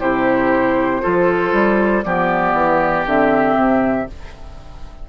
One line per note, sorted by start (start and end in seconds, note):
0.00 1.02 C3
0.00 1.02 E4
0.00 1.02 G4
0.00 2.03 C5
1.02 1.53 F3
1.02 2.03 F4
1.02 2.05 A4
1.53 2.04 G3
2.03 2.53 F3
2.03 3.06 B3
2.03 4.09 G4
2.03 3.05 D5
2.53 3.04 E3
3.06 3.55 D3
3.06 4.08 C4
3.06 4.09 E5
3.55 4.06 C3